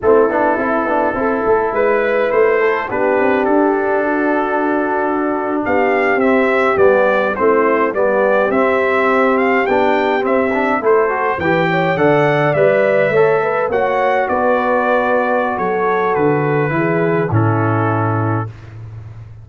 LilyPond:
<<
  \new Staff \with { instrumentName = "trumpet" } { \time 4/4 \tempo 4 = 104 a'2. b'4 | c''4 b'4 a'2~ | a'4.~ a'16 f''4 e''4 d''16~ | d''8. c''4 d''4 e''4~ e''16~ |
e''16 f''8 g''4 e''4 c''4 g''16~ | g''8. fis''4 e''2 fis''16~ | fis''8. d''2~ d''16 cis''4 | b'2 a'2 | }
  \new Staff \with { instrumentName = "horn" } { \time 4/4 e'2 a'4 b'4~ | b'8 a'8 g'2 fis'4~ | fis'4.~ fis'16 g'2~ g'16~ | g'8. e'4 g'2~ g'16~ |
g'2~ g'8. a'4 b'16~ | b'16 cis''8 d''2 cis''8 b'8 cis''16~ | cis''8. b'2~ b'16 a'4~ | a'4 gis'4 e'2 | }
  \new Staff \with { instrumentName = "trombone" } { \time 4/4 c'8 d'8 e'8 d'8 e'2~ | e'4 d'2.~ | d'2~ d'8. c'4 b16~ | b8. c'4 b4 c'4~ c'16~ |
c'8. d'4 c'8 d'8 e'8 fis'8 g'16~ | g'8. a'4 b'4 a'4 fis'16~ | fis'1~ | fis'4 e'4 cis'2 | }
  \new Staff \with { instrumentName = "tuba" } { \time 4/4 a8 b8 c'8 b8 c'8 a8 gis4 | a4 b8 c'8 d'2~ | d'4.~ d'16 b4 c'4 g16~ | g8. a4 g4 c'4~ c'16~ |
c'8. b4 c'4 a4 e16~ | e8. d4 g4 a4 ais16~ | ais8. b2~ b16 fis4 | d4 e4 a,2 | }
>>